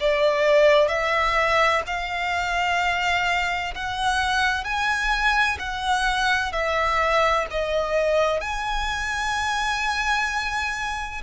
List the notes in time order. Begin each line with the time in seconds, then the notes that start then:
0.00 D5
0.88 E5
1.86 F5
3.74 F#5
4.64 G#5
5.59 F#5
6.52 E5
7.50 D#5
8.40 G#5